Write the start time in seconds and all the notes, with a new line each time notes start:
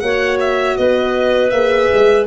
0.00 A#3 F#4 C#5 F#5
0.40 E5
0.77 B3 B4 D#5
1.50 A#3 G#4 E5
1.94 G#3